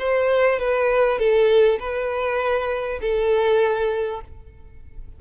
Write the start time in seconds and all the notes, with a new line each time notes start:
0.00 C5
0.60 B4
1.19 A4
1.80 B4
3.02 A4